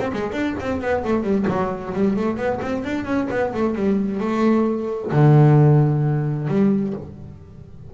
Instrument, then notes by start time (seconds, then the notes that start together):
double bass
0.00 C4
0.13 G#3
0.33 D4
0.60 C4
0.81 B3
1.05 A3
1.23 G3
1.48 F#3
1.94 G3
2.17 A3
2.37 B3
2.62 C4
2.85 D4
3.05 C#4
3.31 B3
3.54 A3
3.75 G3
4.20 A3
5.12 D3
6.48 G3